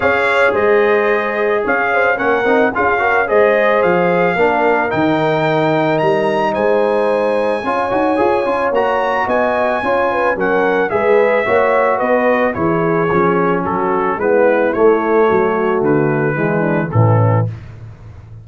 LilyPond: <<
  \new Staff \with { instrumentName = "trumpet" } { \time 4/4 \tempo 4 = 110 f''4 dis''2 f''4 | fis''4 f''4 dis''4 f''4~ | f''4 g''2 ais''4 | gis''1 |
ais''4 gis''2 fis''4 | e''2 dis''4 cis''4~ | cis''4 a'4 b'4 cis''4~ | cis''4 b'2 a'4 | }
  \new Staff \with { instrumentName = "horn" } { \time 4/4 cis''4 c''2 cis''8 c''8 | ais'4 gis'8 ais'8 c''2 | ais'1 | c''2 cis''2~ |
cis''4 dis''4 cis''8 b'8 ais'4 | b'4 cis''4 b'4 gis'4~ | gis'4 fis'4 e'2 | fis'2 e'8 d'8 cis'4 | }
  \new Staff \with { instrumentName = "trombone" } { \time 4/4 gis'1 | cis'8 dis'8 f'8 fis'8 gis'2 | d'4 dis'2.~ | dis'2 f'8 fis'8 gis'8 f'8 |
fis'2 f'4 cis'4 | gis'4 fis'2 e'4 | cis'2 b4 a4~ | a2 gis4 e4 | }
  \new Staff \with { instrumentName = "tuba" } { \time 4/4 cis'4 gis2 cis'4 | ais8 c'8 cis'4 gis4 f4 | ais4 dis2 g4 | gis2 cis'8 dis'8 f'8 cis'8 |
ais4 b4 cis'4 fis4 | gis4 ais4 b4 e4 | f4 fis4 gis4 a4 | fis4 d4 e4 a,4 | }
>>